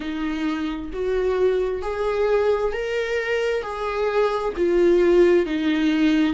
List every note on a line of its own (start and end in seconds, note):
0.00 0.90 D#4
0.92 1.81 F#4
1.81 2.72 G#4
2.73 3.62 A#4
3.62 4.53 G#4
4.57 5.45 F4
5.45 6.33 D#4